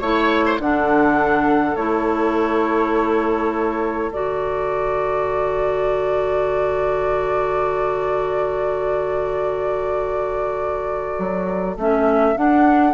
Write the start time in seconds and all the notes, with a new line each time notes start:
0.00 A3 E4 C#5
0.46 C5
0.58 D3 D4 A4 F#5
1.76 A3 E4 C#5
4.11 D3 F#4 D5
11.19 F#3
11.76 A3 C#4 E5
12.36 D4 F#5